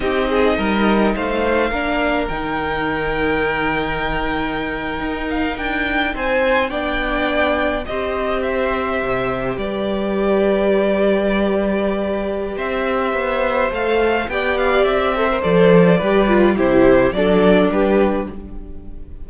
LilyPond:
<<
  \new Staff \with { instrumentName = "violin" } { \time 4/4 \tempo 4 = 105 dis''2 f''2 | g''1~ | g''4~ g''16 f''8 g''4 gis''4 g''16~ | g''4.~ g''16 dis''4 e''4~ e''16~ |
e''8. d''2.~ d''16~ | d''2 e''2 | f''4 g''8 f''8 e''4 d''4~ | d''4 c''4 d''4 b'4 | }
  \new Staff \with { instrumentName = "violin" } { \time 4/4 g'8 gis'8 ais'4 c''4 ais'4~ | ais'1~ | ais'2~ ais'8. c''4 d''16~ | d''4.~ d''16 c''2~ c''16~ |
c''8. b'2.~ b'16~ | b'2 c''2~ | c''4 d''4. c''4. | b'4 g'4 a'4 g'4 | }
  \new Staff \with { instrumentName = "viola" } { \time 4/4 dis'2. d'4 | dis'1~ | dis'2.~ dis'8. d'16~ | d'4.~ d'16 g'2~ g'16~ |
g'1~ | g'1 | a'4 g'4. a'16 ais'16 a'4 | g'8 f'8 e'4 d'2 | }
  \new Staff \with { instrumentName = "cello" } { \time 4/4 c'4 g4 a4 ais4 | dis1~ | dis8. dis'4 d'4 c'4 b16~ | b4.~ b16 c'2 c16~ |
c8. g2.~ g16~ | g2 c'4 b4 | a4 b4 c'4 f4 | g4 c4 fis4 g4 | }
>>